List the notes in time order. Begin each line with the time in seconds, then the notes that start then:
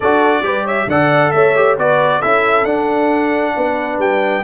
0.00 D4 F#4 A4 D5
0.42 G3 G4 B4
0.64 C#5 E5
0.86 D3 A4 D5 F#5
1.31 A3 C#5 E5
1.55 G4
1.77 B3 F#4 B4 D5
2.19 C#4 E4 A4 E5
2.64 D4 F#5
3.56 B3 B4
3.98 G3 G5